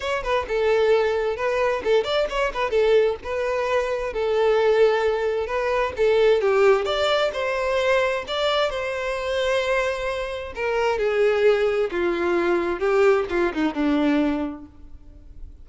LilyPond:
\new Staff \with { instrumentName = "violin" } { \time 4/4 \tempo 4 = 131 cis''8 b'8 a'2 b'4 | a'8 d''8 cis''8 b'8 a'4 b'4~ | b'4 a'2. | b'4 a'4 g'4 d''4 |
c''2 d''4 c''4~ | c''2. ais'4 | gis'2 f'2 | g'4 f'8 dis'8 d'2 | }